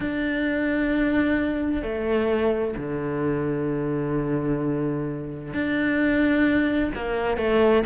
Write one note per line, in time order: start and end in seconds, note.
0.00 1.82 D4
1.82 2.74 A3
2.77 5.53 D3
5.53 6.92 D4
6.95 7.37 A#3
7.37 7.83 A3